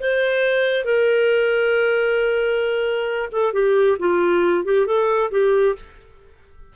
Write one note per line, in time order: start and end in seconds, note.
0.00 0.85 C5
0.85 3.29 A#4
3.32 3.53 A4
3.53 3.98 G4
3.99 4.65 F4
4.65 4.86 G4
4.86 5.31 A4
5.31 5.76 G4